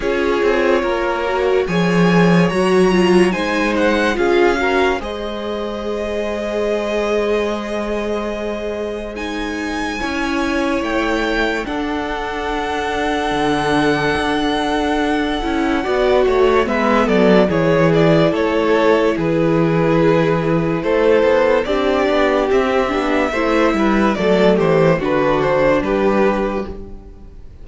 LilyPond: <<
  \new Staff \with { instrumentName = "violin" } { \time 4/4 \tempo 4 = 72 cis''2 gis''4 ais''4 | gis''8 fis''8 f''4 dis''2~ | dis''2. gis''4~ | gis''4 g''4 fis''2~ |
fis''1 | e''8 d''8 cis''8 d''8 cis''4 b'4~ | b'4 c''4 d''4 e''4~ | e''4 d''8 c''8 b'8 c''8 b'4 | }
  \new Staff \with { instrumentName = "violin" } { \time 4/4 gis'4 ais'4 cis''2 | c''4 gis'8 ais'8 c''2~ | c''1 | cis''2 a'2~ |
a'2. d''8 cis''8 | b'8 a'8 gis'4 a'4 gis'4~ | gis'4 a'4 g'2 | c''8 b'8 a'8 g'8 fis'4 g'4 | }
  \new Staff \with { instrumentName = "viola" } { \time 4/4 f'4. fis'8 gis'4 fis'8 f'8 | dis'4 f'8 fis'8 gis'2~ | gis'2. dis'4 | e'2 d'2~ |
d'2~ d'8 e'8 fis'4 | b4 e'2.~ | e'2 d'4 c'8 d'8 | e'4 a4 d'2 | }
  \new Staff \with { instrumentName = "cello" } { \time 4/4 cis'8 c'8 ais4 f4 fis4 | gis4 cis'4 gis2~ | gis1 | cis'4 a4 d'2 |
d4 d'4. cis'8 b8 a8 | gis8 fis8 e4 a4 e4~ | e4 a8 b8 c'8 b8 c'8 b8 | a8 g8 fis8 e8 d4 g4 | }
>>